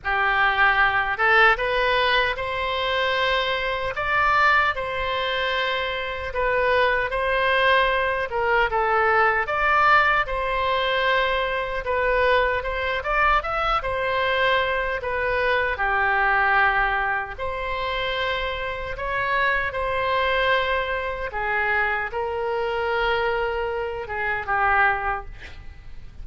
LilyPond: \new Staff \with { instrumentName = "oboe" } { \time 4/4 \tempo 4 = 76 g'4. a'8 b'4 c''4~ | c''4 d''4 c''2 | b'4 c''4. ais'8 a'4 | d''4 c''2 b'4 |
c''8 d''8 e''8 c''4. b'4 | g'2 c''2 | cis''4 c''2 gis'4 | ais'2~ ais'8 gis'8 g'4 | }